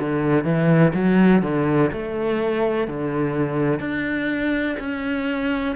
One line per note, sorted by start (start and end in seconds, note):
0.00 0.45 D3
0.45 0.93 E3
0.94 1.43 F#3
1.43 1.91 D3
1.93 2.88 A3
2.88 3.80 D3
3.80 4.77 D4
4.79 5.76 C#4